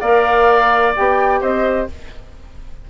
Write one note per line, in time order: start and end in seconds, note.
0.00 0.95 A#3
0.00 0.96 A#4
0.00 1.41 D5
0.00 0.94 F5
0.96 1.42 B3
0.96 1.90 G4
0.96 1.42 G5
1.41 1.89 C4
1.41 1.88 C5
1.41 1.89 D#5